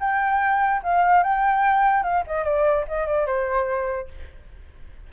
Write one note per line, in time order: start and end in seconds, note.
0.00 0.82 G5
0.83 1.23 F5
1.23 2.03 G5
2.03 2.24 F5
2.27 2.44 D#5
2.44 2.85 D5
2.88 3.07 D#5
3.07 3.26 D5
3.26 4.08 C5